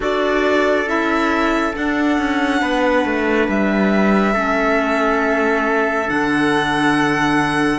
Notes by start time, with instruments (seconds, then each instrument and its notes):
0.00 cello D4, clarinet F#4, trumpet A4, violin D5
0.86 cello C#4, clarinet E4, violin E5
1.72 clarinet D4, cello D4, violin F#5
2.18 cello C#4
2.61 cello B3, trumpet B4
3.05 cello A3
3.48 cello G3, violin E5
4.33 cello A3, clarinet C#4, trumpet A4
6.07 cello D3, clarinet D4, violin F#5